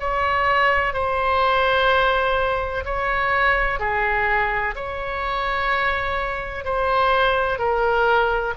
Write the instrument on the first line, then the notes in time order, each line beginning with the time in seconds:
oboe
0.00 C#5
0.94 C5
2.85 C#5
3.79 G#4
4.75 C#5
6.65 C5
7.58 A#4